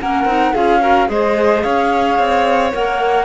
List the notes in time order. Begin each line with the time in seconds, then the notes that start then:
0.00 A#3 C#4 A#4 F#5
0.24 C4 D#4
0.53 C#4 F4 G#4 F5
0.80 F#4 A#4
1.07 G#3 G#4 C5 D#5
1.62 C#4 C#5 F5
2.18 C4
2.71 A#3 A#4 F#5